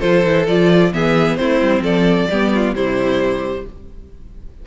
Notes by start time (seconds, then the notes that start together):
0.00 F3 F4 A4 C5
0.25 E3 E4
0.47 F3 F4 D5
0.93 E3 B3 G#4 E5
1.36 A3 C4 E4 C5
1.62 G3
1.81 F3 A4 D5
2.30 G3 B3 G4
2.55 F4
2.73 C3 G3 E4 C5